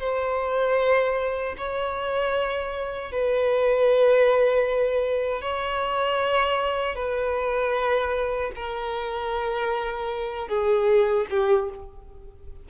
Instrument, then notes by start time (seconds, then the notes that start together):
violin
0.00 C5
1.58 C#5
3.12 B4
5.42 C#5
6.96 B4
8.56 A#4
10.49 G#4
11.31 G4